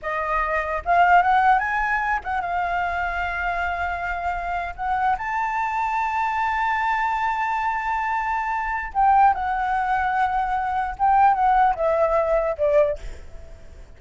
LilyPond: \new Staff \with { instrumentName = "flute" } { \time 4/4 \tempo 4 = 148 dis''2 f''4 fis''4 | gis''4. fis''8 f''2~ | f''2.~ f''8. fis''16~ | fis''8. a''2.~ a''16~ |
a''1~ | a''2 g''4 fis''4~ | fis''2. g''4 | fis''4 e''2 d''4 | }